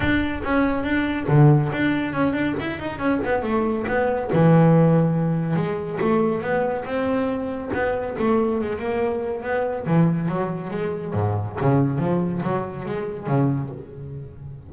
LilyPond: \new Staff \with { instrumentName = "double bass" } { \time 4/4 \tempo 4 = 140 d'4 cis'4 d'4 d4 | d'4 cis'8 d'8 e'8 dis'8 cis'8 b8 | a4 b4 e2~ | e4 gis4 a4 b4 |
c'2 b4 a4 | gis8 ais4. b4 e4 | fis4 gis4 gis,4 cis4 | f4 fis4 gis4 cis4 | }